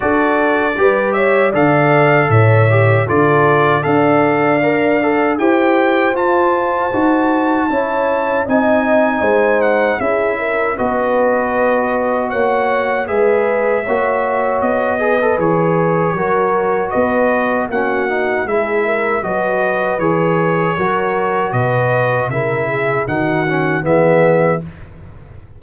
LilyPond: <<
  \new Staff \with { instrumentName = "trumpet" } { \time 4/4 \tempo 4 = 78 d''4. e''8 f''4 e''4 | d''4 f''2 g''4 | a''2. gis''4~ | gis''8 fis''8 e''4 dis''2 |
fis''4 e''2 dis''4 | cis''2 dis''4 fis''4 | e''4 dis''4 cis''2 | dis''4 e''4 fis''4 e''4 | }
  \new Staff \with { instrumentName = "horn" } { \time 4/4 a'4 b'8 cis''8 d''4 cis''4 | a'4 d''2 c''4~ | c''2 cis''4 dis''4 | c''4 gis'8 ais'8 b'2 |
cis''4 b'4 cis''4. b'8~ | b'4 ais'4 b'4 fis'4 | gis'8 ais'8 b'2 ais'4 | b'4 ais'8 gis'8 fis'4 gis'4 | }
  \new Staff \with { instrumentName = "trombone" } { \time 4/4 fis'4 g'4 a'4. g'8 | f'4 a'4 ais'8 a'8 g'4 | f'4 fis'4 e'4 dis'4~ | dis'4 e'4 fis'2~ |
fis'4 gis'4 fis'4. gis'16 a'16 | gis'4 fis'2 cis'8 dis'8 | e'4 fis'4 gis'4 fis'4~ | fis'4 e'4 dis'8 cis'8 b4 | }
  \new Staff \with { instrumentName = "tuba" } { \time 4/4 d'4 g4 d4 a,4 | d4 d'2 e'4 | f'4 dis'4 cis'4 c'4 | gis4 cis'4 b2 |
ais4 gis4 ais4 b4 | e4 fis4 b4 ais4 | gis4 fis4 e4 fis4 | b,4 cis4 dis4 e4 | }
>>